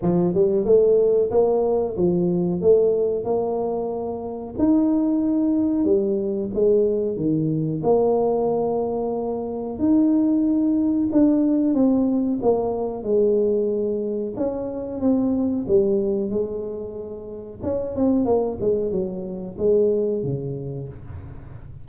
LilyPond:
\new Staff \with { instrumentName = "tuba" } { \time 4/4 \tempo 4 = 92 f8 g8 a4 ais4 f4 | a4 ais2 dis'4~ | dis'4 g4 gis4 dis4 | ais2. dis'4~ |
dis'4 d'4 c'4 ais4 | gis2 cis'4 c'4 | g4 gis2 cis'8 c'8 | ais8 gis8 fis4 gis4 cis4 | }